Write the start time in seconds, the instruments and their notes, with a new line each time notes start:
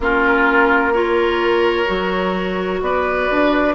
0.00 bassoon A#3, clarinet C#4, oboe F4, flute A#4
0.92 clarinet F4, oboe A#4, flute C#5
1.85 bassoon F#3, clarinet F#4
2.81 bassoon B3, oboe B4, flute D5
3.30 bassoon D4